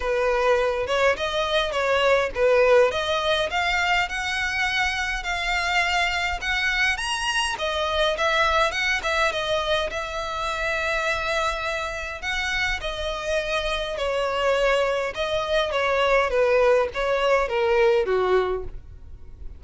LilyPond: \new Staff \with { instrumentName = "violin" } { \time 4/4 \tempo 4 = 103 b'4. cis''8 dis''4 cis''4 | b'4 dis''4 f''4 fis''4~ | fis''4 f''2 fis''4 | ais''4 dis''4 e''4 fis''8 e''8 |
dis''4 e''2.~ | e''4 fis''4 dis''2 | cis''2 dis''4 cis''4 | b'4 cis''4 ais'4 fis'4 | }